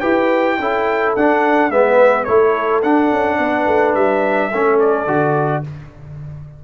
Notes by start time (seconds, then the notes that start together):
0.00 E4 G4 B4 G5
0.58 C#4 E4 A4
1.15 D4 F#5
1.70 G#3 B3 B4 E5
2.24 A3 E4 A4 C#5
2.82 D4 F#5
3.11 C#4
3.38 B3 B4
3.67 A3
3.94 G3 E5
4.50 A3 C#4 A4
4.79 D5
5.06 D3 F#4